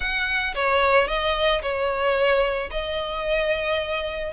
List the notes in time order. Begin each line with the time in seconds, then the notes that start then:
0.00 F#5
0.54 C#5
1.07 D#5
1.62 C#5
2.70 D#5